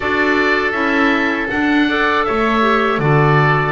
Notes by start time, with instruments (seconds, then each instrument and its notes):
0.00 double bass D4, clarinet F#4, oboe A4 D5
0.71 double bass C#4, clarinet E4, oboe E5
1.50 clarinet D4, double bass D4, oboe F#5
1.88 clarinet A4, oboe D5
2.25 double bass A3, oboe C#5 E5
2.61 clarinet G4
2.98 double bass D3, clarinet F#4, oboe A4 D5